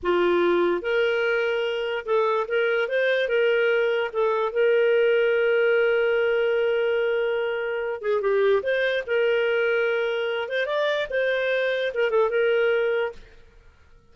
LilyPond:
\new Staff \with { instrumentName = "clarinet" } { \time 4/4 \tempo 4 = 146 f'2 ais'2~ | ais'4 a'4 ais'4 c''4 | ais'2 a'4 ais'4~ | ais'1~ |
ais'2.~ ais'8 gis'8 | g'4 c''4 ais'2~ | ais'4. c''8 d''4 c''4~ | c''4 ais'8 a'8 ais'2 | }